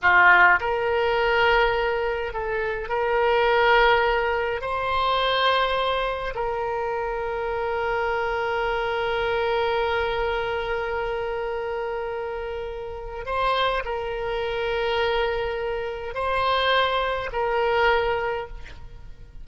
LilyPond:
\new Staff \with { instrumentName = "oboe" } { \time 4/4 \tempo 4 = 104 f'4 ais'2. | a'4 ais'2. | c''2. ais'4~ | ais'1~ |
ais'1~ | ais'2. c''4 | ais'1 | c''2 ais'2 | }